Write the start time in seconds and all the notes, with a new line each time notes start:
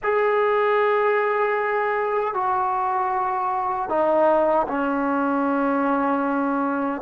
0.03 G#4
2.34 F#4
3.89 D#4
4.68 C#4